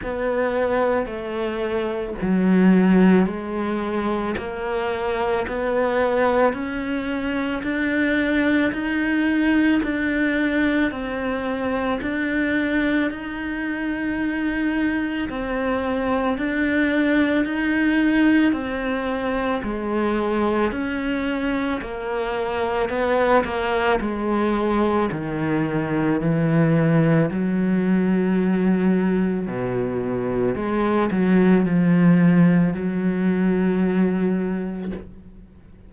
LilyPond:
\new Staff \with { instrumentName = "cello" } { \time 4/4 \tempo 4 = 55 b4 a4 fis4 gis4 | ais4 b4 cis'4 d'4 | dis'4 d'4 c'4 d'4 | dis'2 c'4 d'4 |
dis'4 c'4 gis4 cis'4 | ais4 b8 ais8 gis4 dis4 | e4 fis2 b,4 | gis8 fis8 f4 fis2 | }